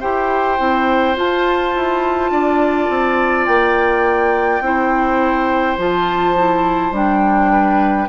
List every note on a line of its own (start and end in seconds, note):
0.00 0.59 E4
0.00 0.58 G4
0.00 2.31 C5
0.00 1.16 G5
0.58 1.17 C4
0.58 1.15 E4
1.15 4.62 F4
1.15 1.74 F4
1.15 3.46 A5
1.75 2.31 E4
2.31 2.88 D4
2.31 4.63 D5
2.89 3.47 C4
3.46 4.61 A#3
3.46 5.77 G5
4.61 5.76 C4
4.61 5.78 E4
4.61 7.52 C5
5.78 6.92 F3
5.78 6.36 F4
5.78 6.95 A5
6.37 6.93 E4
6.92 8.07 G3
6.92 8.08 D4
6.92 8.09 G5
7.52 8.09 B4